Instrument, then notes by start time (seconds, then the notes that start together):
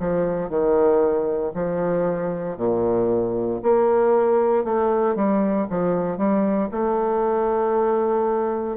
bassoon
0.00 F3
0.50 D#3
1.55 F3
2.58 A#2
3.63 A#3
4.65 A3
5.16 G3
5.70 F3
6.18 G3
6.72 A3